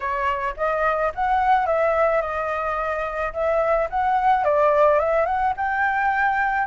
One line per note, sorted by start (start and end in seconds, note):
0.00 0.54 C#5
0.56 1.12 D#5
1.14 1.66 F#5
1.66 2.21 E5
2.21 3.32 D#5
3.33 3.88 E5
3.89 4.44 F#5
4.44 4.99 D5
4.99 5.25 E5
5.25 5.53 F#5
5.57 6.67 G5